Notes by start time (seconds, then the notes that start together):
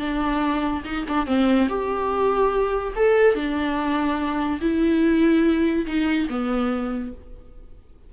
0.00 D4
0.85 D#4
1.09 D4
1.27 C4
1.70 G4
2.96 A4
3.35 D4
4.61 E4
5.87 D#4
6.30 B3